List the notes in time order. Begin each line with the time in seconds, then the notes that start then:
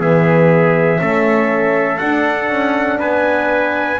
0.00 E3 B3 G#4 E5
0.98 A3 C#4 A4
1.99 D4 F#5
2.50 C#4
3.00 B3 B4 G#5